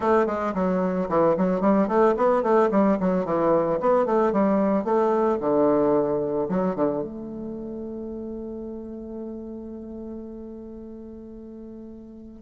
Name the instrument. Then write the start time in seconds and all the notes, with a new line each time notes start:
bassoon
0.00 A3
0.26 G#3
0.54 F#3
1.09 E3
1.37 F#3
1.60 G3
1.87 A3
2.16 B3
2.42 A3
2.71 G3
3.00 F#3
3.25 E3
3.80 B3
4.05 A3
4.32 G3
4.84 A3
5.40 D3
6.48 F#3
6.75 D3
7.02 A3